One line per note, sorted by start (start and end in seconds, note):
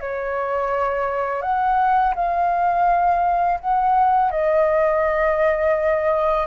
0.00 1.42 C#5
1.42 2.14 F#5
2.15 3.59 F5
3.60 4.31 F#5
4.31 6.46 D#5